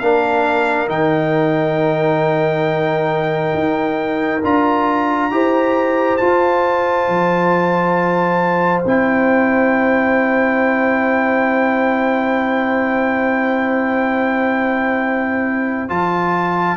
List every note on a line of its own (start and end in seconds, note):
0.00 0.89 A#3
0.00 0.89 D4
0.00 5.32 A#4
0.00 0.88 F5
0.89 3.54 D#3
0.89 4.42 D#4
0.89 4.43 G5
3.54 4.42 D#4
4.44 5.32 D4
4.44 5.32 F4
4.44 6.17 A#5
5.32 6.20 E4
5.32 6.20 G4
5.32 16.78 C5
6.17 8.85 F4
6.17 7.08 F4
6.17 8.82 A5
7.08 8.85 F3
8.86 15.90 C4
8.86 15.89 E4
8.86 15.90 G5
15.89 16.78 F3
15.89 16.77 F4
15.89 16.78 A5